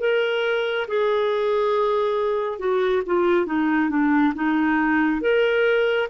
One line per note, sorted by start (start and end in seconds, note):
0.00 0.87 A#4
0.88 2.59 G#4
2.59 3.03 F#4
3.06 3.46 F4
3.46 3.90 D#4
3.90 4.33 D4
4.35 5.21 D#4
5.21 6.08 A#4